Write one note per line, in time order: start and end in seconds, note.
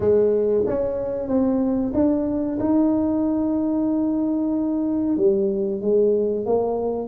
0.00 0.64 G#3
0.66 1.28 C#4
1.28 1.92 C4
1.94 2.58 D4
2.59 5.16 D#4
5.16 5.81 G3
5.81 6.45 G#3
6.45 7.08 A#3